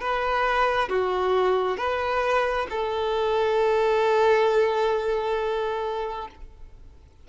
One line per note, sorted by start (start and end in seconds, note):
0.00 0.88 B4
0.88 1.77 F#4
1.77 2.67 B4
2.69 6.28 A4